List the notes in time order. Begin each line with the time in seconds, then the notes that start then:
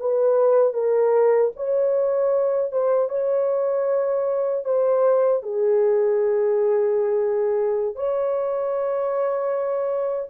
0.00 B4
0.73 A#4
1.57 C#5
2.72 C5
3.09 C#5
4.65 C5
5.43 G#4
7.96 C#5